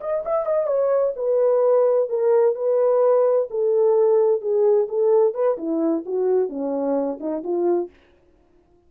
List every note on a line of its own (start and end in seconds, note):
0.00 0.23 D#5
0.25 0.46 E5
0.46 0.66 D#5
0.66 1.13 C#5
1.16 2.09 B4
2.09 2.55 A#4
2.55 3.48 B4
3.50 4.41 A4
4.41 4.87 G#4
4.88 5.34 A4
5.34 5.57 B4
5.57 6.04 E4
6.05 6.49 F#4
6.49 7.18 C#4
7.20 7.43 D#4
7.43 7.90 F4